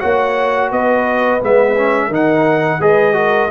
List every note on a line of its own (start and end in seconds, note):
0.00 0.71 A#3
0.00 1.40 F#4
0.00 0.70 C#5
0.00 0.70 F#5
0.71 1.41 B3
0.71 2.07 B4
0.71 1.42 D#5
1.41 2.09 G#3
1.41 1.76 B3
1.41 2.14 E5
1.77 2.11 C#4
2.07 2.79 D#3
2.07 2.81 D#4
2.07 2.77 A#4
2.14 2.82 F#5
2.79 3.49 G#3
2.79 3.14 G#4
2.79 3.15 B4
2.79 3.51 D#5
3.14 3.49 F#4
3.14 3.50 A#4